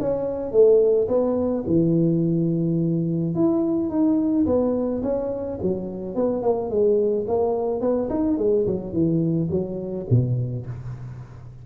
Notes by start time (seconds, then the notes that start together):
0.00 C#4
0.51 A3
1.08 B3
1.67 E3
3.34 E4
3.89 D#4
4.46 B3
5.03 C#4
5.62 F#3
6.15 B3
6.42 A#3
6.70 G#3
7.28 A#3
7.81 B3
8.09 D#4
8.38 G#3
8.66 F#3
8.93 E3
9.50 F#3
10.10 B2